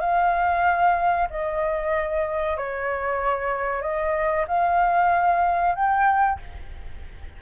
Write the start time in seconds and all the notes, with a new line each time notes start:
0.00 F5
1.30 D#5
2.57 C#5
3.82 D#5
4.47 F5
5.75 G5